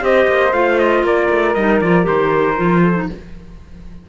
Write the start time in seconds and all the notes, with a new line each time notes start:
0.00 C4 G4 C5 D#5
0.28 A#3
0.53 A3 F4 F5
0.79 D#5
1.03 A#3 A#4 D5
1.30 A3
1.54 G3 D#4 D#5
1.81 F3 F4 D5
2.03 D#3 G4 C5
2.56 F3 F4
2.81 A4
2.95 D#4